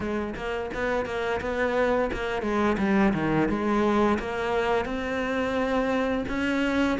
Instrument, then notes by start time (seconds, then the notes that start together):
cello
0.00 G#3
0.35 A#3
0.74 B3
1.05 A#3
1.40 B3
2.12 A#3
2.42 G#3
2.78 G3
3.13 D#3
3.48 G#3
4.19 A#3
4.85 C4
6.28 C#4